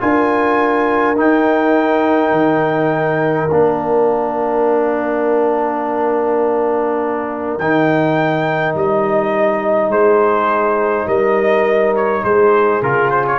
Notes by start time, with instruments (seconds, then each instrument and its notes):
0.00 tuba D4, trombone F4, horn A#4, trumpet G#5
1.16 tuba D#4, trombone D#4, trumpet G5
2.31 tuba D#3
3.51 tuba A#3, trombone D4, trumpet F5
7.59 tuba D#3, trombone D#4, trumpet G5
8.75 tuba G3, trumpet D#5
9.88 tuba G#3, horn G#4, trumpet C5
11.07 tuba G3, horn A#4, trumpet D#5
11.96 trumpet C#5
12.24 tuba G#3, horn G#4, trumpet C5
12.82 tuba C#3, trombone F4, trumpet A#4
13.10 trumpet C5
13.27 trumpet C#5